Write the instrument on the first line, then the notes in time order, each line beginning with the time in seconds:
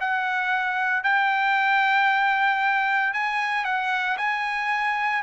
trumpet
0.00 F#5
1.03 G5
3.13 G#5
3.64 F#5
4.17 G#5